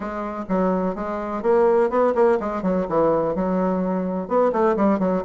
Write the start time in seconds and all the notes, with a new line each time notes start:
0.00 G#3
0.48 F#3
0.95 G#3
1.42 A#3
1.90 B3
2.14 A#3
2.40 G#3
2.62 F#3
2.88 E3
3.35 F#3
4.27 B3
4.52 A3
4.76 G3
4.99 F#3